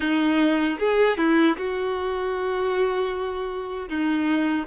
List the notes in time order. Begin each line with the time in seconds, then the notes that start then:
0.00 D#4
0.78 G#4
1.17 E4
1.57 F#4
3.88 D#4